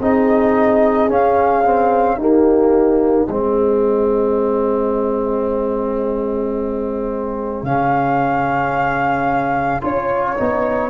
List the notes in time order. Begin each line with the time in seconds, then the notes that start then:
0.00 C4 D#4 G#4 D#5
1.09 C#4 F5
1.65 C4
2.18 A#3 D#4 G4 D#5
3.28 G#3 C4 G#4
7.63 C#3 C#4 F5
9.82 C#4 F4 C#5
10.37 B3 D#4